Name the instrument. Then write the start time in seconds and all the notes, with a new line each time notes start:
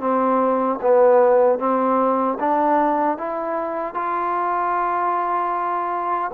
trombone
0.00 C4
0.81 B3
1.59 C4
2.39 D4
3.17 E4
3.94 F4